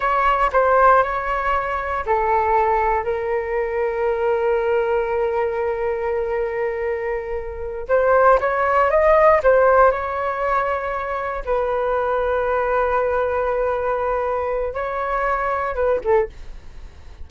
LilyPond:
\new Staff \with { instrumentName = "flute" } { \time 4/4 \tempo 4 = 118 cis''4 c''4 cis''2 | a'2 ais'2~ | ais'1~ | ais'2.~ ais'8 c''8~ |
c''8 cis''4 dis''4 c''4 cis''8~ | cis''2~ cis''8 b'4.~ | b'1~ | b'4 cis''2 b'8 a'8 | }